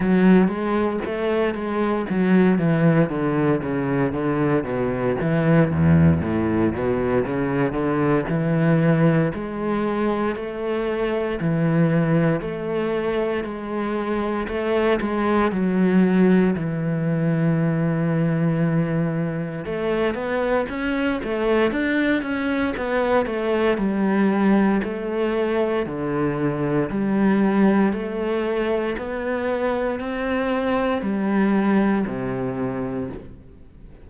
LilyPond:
\new Staff \with { instrumentName = "cello" } { \time 4/4 \tempo 4 = 58 fis8 gis8 a8 gis8 fis8 e8 d8 cis8 | d8 b,8 e8 e,8 a,8 b,8 cis8 d8 | e4 gis4 a4 e4 | a4 gis4 a8 gis8 fis4 |
e2. a8 b8 | cis'8 a8 d'8 cis'8 b8 a8 g4 | a4 d4 g4 a4 | b4 c'4 g4 c4 | }